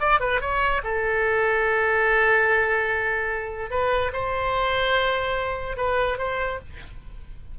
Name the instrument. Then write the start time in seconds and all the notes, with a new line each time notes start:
oboe
0.00 D5
0.20 B4
0.41 C#5
0.83 A4
3.70 B4
4.13 C5
5.77 B4
6.18 C5